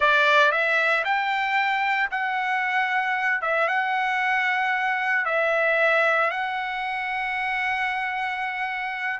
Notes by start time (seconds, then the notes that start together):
0.00 D5
0.51 E5
1.04 G5
2.10 F#5
3.41 E5
3.67 F#5
5.25 E5
6.30 F#5